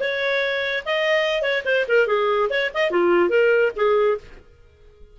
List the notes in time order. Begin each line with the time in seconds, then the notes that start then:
0.00 C#5
0.85 D#5
1.42 C#5
1.65 C5
1.88 A#4
2.07 G#4
2.50 C#5
2.74 D#5
2.91 F4
3.30 A#4
3.76 G#4